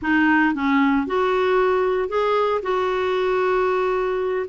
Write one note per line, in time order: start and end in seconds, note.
0.02 0.54 D#4
0.54 1.06 C#4
1.06 2.08 F#4
2.08 2.61 G#4
2.62 4.46 F#4